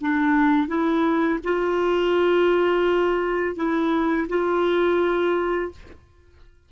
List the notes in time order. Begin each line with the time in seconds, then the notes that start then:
0.00 D4
0.68 E4
1.44 F4
3.56 E4
4.28 F4